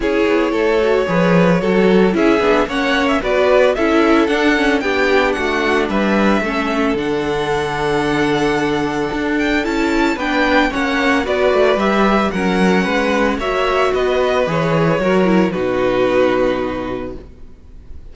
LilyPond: <<
  \new Staff \with { instrumentName = "violin" } { \time 4/4 \tempo 4 = 112 cis''1 | e''4 fis''8. e''16 d''4 e''4 | fis''4 g''4 fis''4 e''4~ | e''4 fis''2.~ |
fis''4. g''8 a''4 g''4 | fis''4 d''4 e''4 fis''4~ | fis''4 e''4 dis''4 cis''4~ | cis''4 b'2. | }
  \new Staff \with { instrumentName = "violin" } { \time 4/4 gis'4 a'4 b'4 a'4 | gis'4 cis''4 b'4 a'4~ | a'4 g'4 fis'4 b'4 | a'1~ |
a'2. b'4 | cis''4 b'2 ais'4 | b'4 cis''4 b'2 | ais'4 fis'2. | }
  \new Staff \with { instrumentName = "viola" } { \time 4/4 e'4. fis'8 gis'4 fis'4 | e'8 d'8 cis'4 fis'4 e'4 | d'8 cis'8 d'2. | cis'4 d'2.~ |
d'2 e'4 d'4 | cis'4 fis'4 g'4 cis'4~ | cis'4 fis'2 gis'4 | fis'8 e'8 dis'2. | }
  \new Staff \with { instrumentName = "cello" } { \time 4/4 cis'8 b8 a4 f4 fis4 | cis'8 b8 ais4 b4 cis'4 | d'4 b4 a4 g4 | a4 d2.~ |
d4 d'4 cis'4 b4 | ais4 b8 a8 g4 fis4 | gis4 ais4 b4 e4 | fis4 b,2. | }
>>